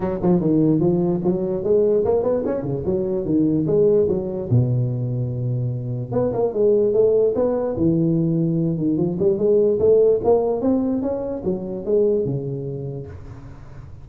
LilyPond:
\new Staff \with { instrumentName = "tuba" } { \time 4/4 \tempo 4 = 147 fis8 f8 dis4 f4 fis4 | gis4 ais8 b8 cis'8 cis8 fis4 | dis4 gis4 fis4 b,4~ | b,2. b8 ais8 |
gis4 a4 b4 e4~ | e4. dis8 f8 g8 gis4 | a4 ais4 c'4 cis'4 | fis4 gis4 cis2 | }